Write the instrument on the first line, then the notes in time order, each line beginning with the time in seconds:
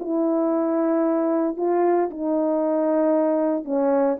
horn
0.00 E4
1.57 F4
2.11 D#4
3.65 C#4